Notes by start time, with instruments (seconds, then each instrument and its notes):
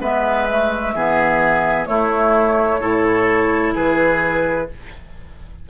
0.00 bassoon G#3, clarinet B3, oboe B4, flute E5
0.50 clarinet A3
0.94 bassoon E3, clarinet B3, oboe G#4
1.85 clarinet A3, bassoon A3, oboe E4, flute C#5
2.80 bassoon A2, clarinet E4, oboe A4
3.74 bassoon E3, oboe G#4, flute B4